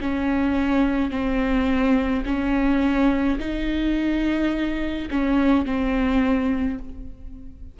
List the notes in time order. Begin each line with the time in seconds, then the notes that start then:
0.00 C#4
1.10 C4
2.25 C#4
3.39 D#4
5.10 C#4
5.65 C4